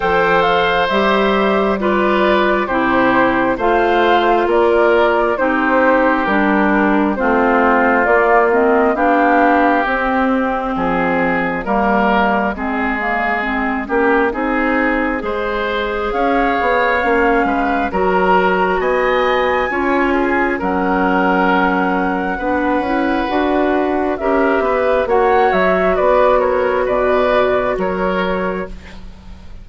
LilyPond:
<<
  \new Staff \with { instrumentName = "flute" } { \time 4/4 \tempo 4 = 67 g''8 f''8 e''4 d''4 c''4 | f''4 d''4 c''4 ais'4 | c''4 d''8 dis''8 f''4 dis''4~ | dis''1~ |
dis''2 f''2 | ais''4 gis''2 fis''4~ | fis''2. e''4 | fis''8 e''8 d''8 cis''8 d''4 cis''4 | }
  \new Staff \with { instrumentName = "oboe" } { \time 4/4 c''2 b'4 g'4 | c''4 ais'4 g'2 | f'2 g'2 | gis'4 ais'4 gis'4. g'8 |
gis'4 c''4 cis''4. b'8 | ais'4 dis''4 cis''8 gis'8 ais'4~ | ais'4 b'2 ais'8 b'8 | cis''4 b'8 ais'8 b'4 ais'4 | }
  \new Staff \with { instrumentName = "clarinet" } { \time 4/4 a'4 g'4 f'4 e'4 | f'2 dis'4 d'4 | c'4 ais8 c'8 d'4 c'4~ | c'4 ais4 c'8 ais8 c'8 cis'8 |
dis'4 gis'2 cis'4 | fis'2 f'4 cis'4~ | cis'4 d'8 e'8 fis'4 g'4 | fis'1 | }
  \new Staff \with { instrumentName = "bassoon" } { \time 4/4 f4 g2 c4 | a4 ais4 c'4 g4 | a4 ais4 b4 c'4 | f4 g4 gis4. ais8 |
c'4 gis4 cis'8 b8 ais8 gis8 | fis4 b4 cis'4 fis4~ | fis4 b8 cis'8 d'4 cis'8 b8 | ais8 fis8 b4 b,4 fis4 | }
>>